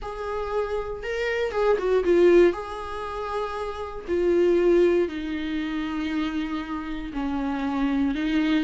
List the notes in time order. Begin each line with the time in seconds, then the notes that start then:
0.02 G#4
1.03 A#4
1.51 G#4
1.78 F#4
2.04 F4
2.52 G#4
4.07 F4
5.08 D#4
7.13 C#4
8.14 D#4